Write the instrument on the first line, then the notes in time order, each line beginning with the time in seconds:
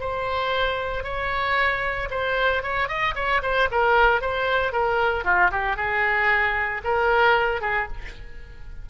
oboe
0.00 C5
1.04 C#5
2.11 C5
2.62 C#5
2.88 D#5
3.15 C#5
3.43 C5
3.71 A#4
4.21 C5
4.72 A#4
5.24 F4
5.51 G4
5.76 G#4
6.84 A#4
7.61 G#4